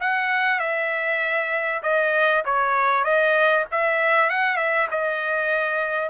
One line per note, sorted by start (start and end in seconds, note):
0.00 0.59 F#5
0.59 1.82 E5
1.83 2.44 D#5
2.45 3.04 C#5
3.04 3.65 D#5
3.72 4.29 E5
4.29 4.56 F#5
4.56 4.87 E5
4.91 6.09 D#5